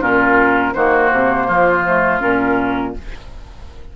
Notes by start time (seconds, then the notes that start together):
0.00 A#2 C#4 F4 A#4
0.74 D#3 A#3 F#4 C5
1.12 C3
1.47 F3 F4
1.87 A3
2.20 A#2 C#4 A#4